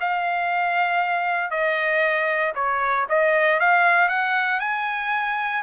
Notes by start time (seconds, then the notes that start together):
0.00 F5
1.50 D#5
2.55 C#5
3.09 D#5
3.60 F5
4.08 F#5
4.60 G#5